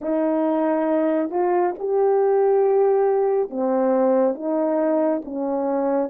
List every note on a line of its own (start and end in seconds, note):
0.01 1.30 D#4
1.30 1.74 F4
1.78 3.50 G4
3.50 4.34 C4
4.34 5.21 D#4
5.25 6.09 C#4